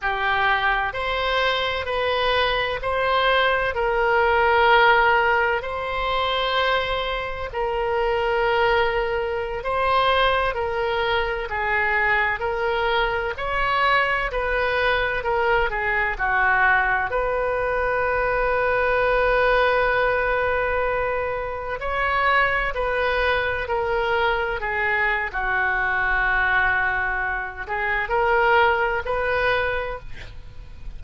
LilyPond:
\new Staff \with { instrumentName = "oboe" } { \time 4/4 \tempo 4 = 64 g'4 c''4 b'4 c''4 | ais'2 c''2 | ais'2~ ais'16 c''4 ais'8.~ | ais'16 gis'4 ais'4 cis''4 b'8.~ |
b'16 ais'8 gis'8 fis'4 b'4.~ b'16~ | b'2.~ b'16 cis''8.~ | cis''16 b'4 ais'4 gis'8. fis'4~ | fis'4. gis'8 ais'4 b'4 | }